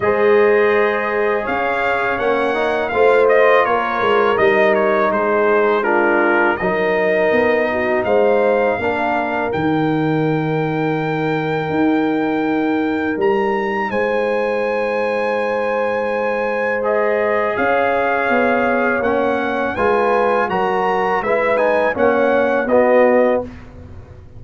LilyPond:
<<
  \new Staff \with { instrumentName = "trumpet" } { \time 4/4 \tempo 4 = 82 dis''2 f''4 fis''4 | f''8 dis''8 cis''4 dis''8 cis''8 c''4 | ais'4 dis''2 f''4~ | f''4 g''2.~ |
g''2 ais''4 gis''4~ | gis''2. dis''4 | f''2 fis''4 gis''4 | ais''4 e''8 gis''8 fis''4 dis''4 | }
  \new Staff \with { instrumentName = "horn" } { \time 4/4 c''2 cis''2 | c''4 ais'2 gis'4 | f'4 ais'4. fis'8 c''4 | ais'1~ |
ais'2. c''4~ | c''1 | cis''2. b'4 | ais'4 b'4 cis''4 fis'4 | }
  \new Staff \with { instrumentName = "trombone" } { \time 4/4 gis'2. cis'8 dis'8 | f'2 dis'2 | d'4 dis'2. | d'4 dis'2.~ |
dis'1~ | dis'2. gis'4~ | gis'2 cis'4 f'4 | fis'4 e'8 dis'8 cis'4 b4 | }
  \new Staff \with { instrumentName = "tuba" } { \time 4/4 gis2 cis'4 ais4 | a4 ais8 gis8 g4 gis4~ | gis4 fis4 b4 gis4 | ais4 dis2. |
dis'2 g4 gis4~ | gis1 | cis'4 b4 ais4 gis4 | fis4 gis4 ais4 b4 | }
>>